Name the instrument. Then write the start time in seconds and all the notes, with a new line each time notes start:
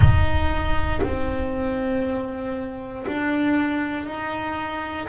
double bass
0.00 D#4
1.02 C4
3.07 D4
4.05 D#4